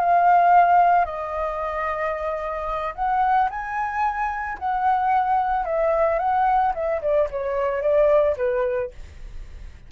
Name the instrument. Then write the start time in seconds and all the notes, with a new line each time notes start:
flute
0.00 F5
1.06 D#5
2.96 F#5
3.50 G#5
4.59 F#5
5.66 E5
6.19 F#5
6.75 E5
7.02 D5
7.31 C#5
7.83 D5
8.37 B4